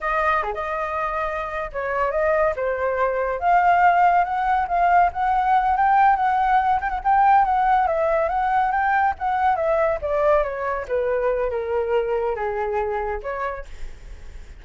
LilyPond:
\new Staff \with { instrumentName = "flute" } { \time 4/4 \tempo 4 = 141 dis''4 gis'16 dis''2~ dis''8. | cis''4 dis''4 c''2 | f''2 fis''4 f''4 | fis''4. g''4 fis''4. |
g''16 fis''16 g''4 fis''4 e''4 fis''8~ | fis''8 g''4 fis''4 e''4 d''8~ | d''8 cis''4 b'4. ais'4~ | ais'4 gis'2 cis''4 | }